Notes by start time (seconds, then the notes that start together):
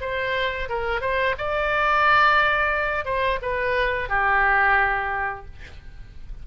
0.00 C5
0.69 A#4
1.01 C5
1.37 D5
3.05 C5
3.42 B4
4.08 G4